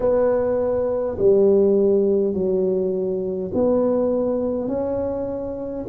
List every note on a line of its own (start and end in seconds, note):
0.00 1.17 B3
1.18 2.33 G3
2.33 3.51 F#3
3.53 4.67 B3
4.67 5.85 C#4